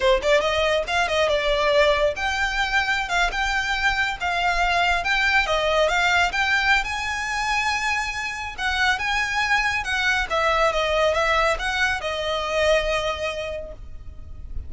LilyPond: \new Staff \with { instrumentName = "violin" } { \time 4/4 \tempo 4 = 140 c''8 d''8 dis''4 f''8 dis''8 d''4~ | d''4 g''2~ g''16 f''8 g''16~ | g''4.~ g''16 f''2 g''16~ | g''8. dis''4 f''4 g''4~ g''16 |
gis''1 | fis''4 gis''2 fis''4 | e''4 dis''4 e''4 fis''4 | dis''1 | }